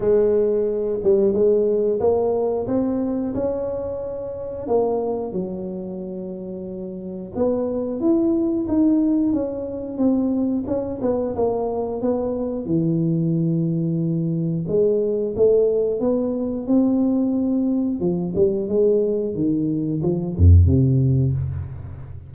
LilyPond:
\new Staff \with { instrumentName = "tuba" } { \time 4/4 \tempo 4 = 90 gis4. g8 gis4 ais4 | c'4 cis'2 ais4 | fis2. b4 | e'4 dis'4 cis'4 c'4 |
cis'8 b8 ais4 b4 e4~ | e2 gis4 a4 | b4 c'2 f8 g8 | gis4 dis4 f8 f,8 c4 | }